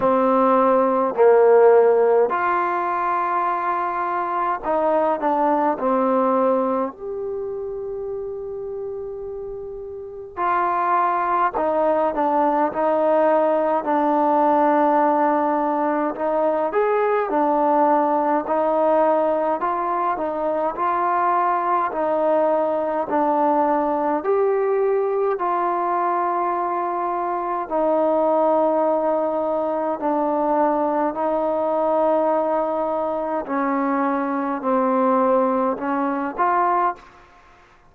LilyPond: \new Staff \with { instrumentName = "trombone" } { \time 4/4 \tempo 4 = 52 c'4 ais4 f'2 | dis'8 d'8 c'4 g'2~ | g'4 f'4 dis'8 d'8 dis'4 | d'2 dis'8 gis'8 d'4 |
dis'4 f'8 dis'8 f'4 dis'4 | d'4 g'4 f'2 | dis'2 d'4 dis'4~ | dis'4 cis'4 c'4 cis'8 f'8 | }